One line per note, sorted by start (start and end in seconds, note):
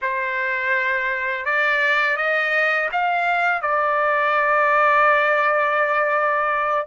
0.01 1.45 C5
1.45 2.17 D5
2.17 2.89 D#5
2.91 3.61 F5
3.61 6.86 D5